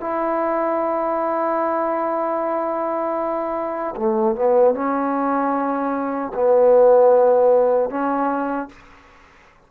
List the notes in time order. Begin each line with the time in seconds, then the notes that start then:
0.00 E4
3.96 A3
4.35 B3
4.74 C#4
6.34 B3
7.89 C#4